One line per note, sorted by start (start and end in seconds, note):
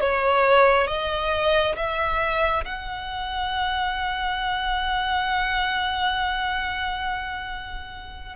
0.00 0.87 C#5
0.87 1.75 D#5
1.76 2.64 E5
2.64 8.35 F#5